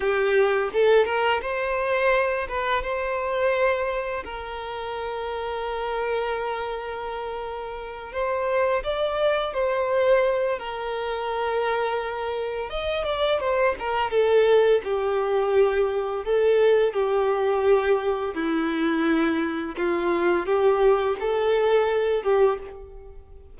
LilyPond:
\new Staff \with { instrumentName = "violin" } { \time 4/4 \tempo 4 = 85 g'4 a'8 ais'8 c''4. b'8 | c''2 ais'2~ | ais'2.~ ais'8 c''8~ | c''8 d''4 c''4. ais'4~ |
ais'2 dis''8 d''8 c''8 ais'8 | a'4 g'2 a'4 | g'2 e'2 | f'4 g'4 a'4. g'8 | }